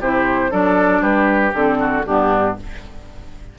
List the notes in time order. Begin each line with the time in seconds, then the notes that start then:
0.00 C3 E4 G4 C5
0.51 F#3 D4 A4 D5
1.01 G3 G4 B4
1.54 D3 C4 A4
1.80 F#4
2.06 G2 B3 D4 G4